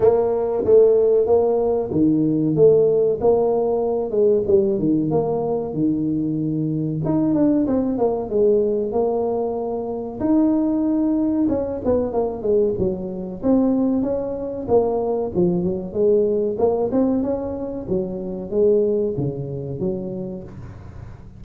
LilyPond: \new Staff \with { instrumentName = "tuba" } { \time 4/4 \tempo 4 = 94 ais4 a4 ais4 dis4 | a4 ais4. gis8 g8 dis8 | ais4 dis2 dis'8 d'8 | c'8 ais8 gis4 ais2 |
dis'2 cis'8 b8 ais8 gis8 | fis4 c'4 cis'4 ais4 | f8 fis8 gis4 ais8 c'8 cis'4 | fis4 gis4 cis4 fis4 | }